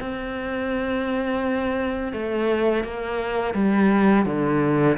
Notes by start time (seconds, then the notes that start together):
0.00 C4
2.13 A3
2.84 A#3
3.54 G3
4.26 D3